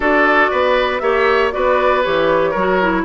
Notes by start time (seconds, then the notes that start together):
0.00 D4 F#4 A4 D5
0.50 B3 B4
0.99 A#3 G4 C#5 E5
1.51 B3 F#4 B4 D5
2.03 E3 G4 C#5
2.50 F#3 A#4
2.58 F#4
2.82 E4